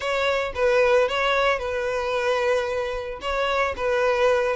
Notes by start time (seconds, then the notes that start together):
0.00 C#5
0.54 B4
1.08 C#5
1.59 B4
3.21 C#5
3.76 B4